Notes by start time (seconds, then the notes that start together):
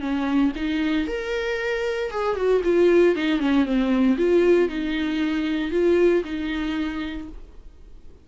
0.00 C#4
0.55 D#4
1.07 A#4
2.10 G#4
2.36 F#4
2.64 F4
3.15 D#4
3.39 C#4
3.65 C4
4.17 F4
4.69 D#4
5.71 F4
6.24 D#4